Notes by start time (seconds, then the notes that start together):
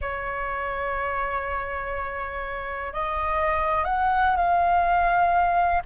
0.01 C#5
2.93 D#5
3.84 F#5
4.36 F5